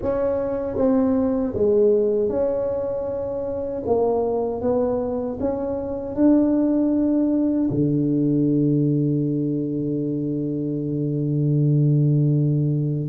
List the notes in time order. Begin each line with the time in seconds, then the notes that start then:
0.02 C#4
0.76 C4
1.53 G#3
2.29 C#4
3.85 A#3
4.61 B3
5.40 C#4
6.15 D4
7.70 D3